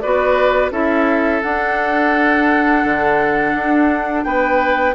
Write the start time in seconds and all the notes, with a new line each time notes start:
0.00 B3 F#4 B4 D5
0.71 C#4 E4 A4 E5
1.42 D4 F#5
2.84 D3
3.54 D4
4.24 B3 B4 G5